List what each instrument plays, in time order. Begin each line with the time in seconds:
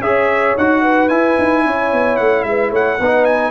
0.00 tuba C#4, trombone G#4, horn C#5, trumpet E5
0.57 tuba D#4, trombone F#4, trumpet F#5
0.81 horn B4
1.08 tuba E4, trombone E4, trumpet G#5
1.38 tuba D#4
1.65 tuba C#4, horn C#5
1.92 tuba B3
2.16 tuba A3, trumpet F#5
2.42 tuba G#3, horn B4, trumpet E5
2.70 tuba A3, horn C#5, trumpet F#5
2.99 tuba B3, trombone D#4, horn B4
3.25 trumpet G#5